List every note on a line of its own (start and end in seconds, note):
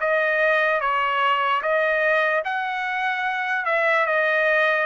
0.00 0.80 D#5
0.80 1.61 C#5
1.62 2.43 D#5
2.44 3.65 F#5
3.65 4.06 E5
4.06 4.86 D#5